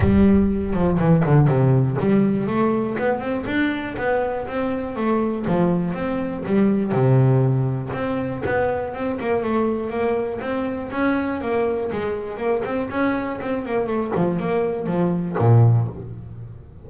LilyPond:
\new Staff \with { instrumentName = "double bass" } { \time 4/4 \tempo 4 = 121 g4. f8 e8 d8 c4 | g4 a4 b8 c'8 d'4 | b4 c'4 a4 f4 | c'4 g4 c2 |
c'4 b4 c'8 ais8 a4 | ais4 c'4 cis'4 ais4 | gis4 ais8 c'8 cis'4 c'8 ais8 | a8 f8 ais4 f4 ais,4 | }